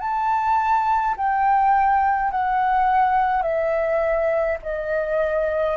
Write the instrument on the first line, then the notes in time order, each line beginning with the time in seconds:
flute
0.00 A5
1.17 G5
2.31 F#5
3.42 E5
4.63 D#5